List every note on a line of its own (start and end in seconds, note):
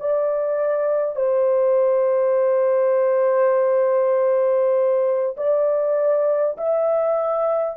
0.00 1.16 D5
1.16 5.36 C5
5.37 6.57 D5
6.58 7.77 E5